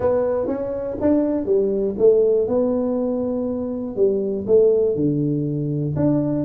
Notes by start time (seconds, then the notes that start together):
0.00 B3
0.47 C#4
1.01 D4
1.45 G3
1.98 A3
2.47 B3
3.95 G3
4.46 A3
4.95 D3
5.95 D4